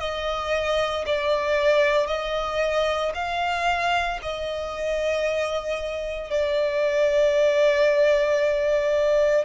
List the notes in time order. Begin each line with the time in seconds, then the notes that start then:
0.00 D#5
1.06 D5
2.07 D#5
3.15 F5
4.22 D#5
6.31 D5